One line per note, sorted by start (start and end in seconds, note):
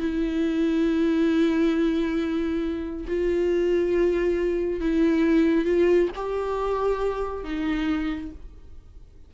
0.00 3.07 E4
3.08 4.81 F4
4.81 5.65 E4
5.65 6.09 F4
6.16 7.45 G4
7.45 8.32 D#4